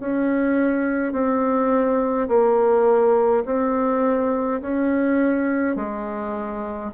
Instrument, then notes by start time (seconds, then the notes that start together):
bassoon
0.00 C#4
1.13 C4
2.29 A#3
3.46 C4
4.62 C#4
5.76 G#3